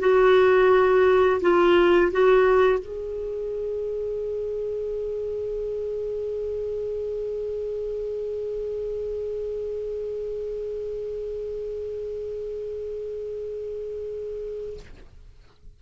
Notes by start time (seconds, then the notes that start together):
0.00 F#4
1.41 F4
2.12 F#4
2.79 G#4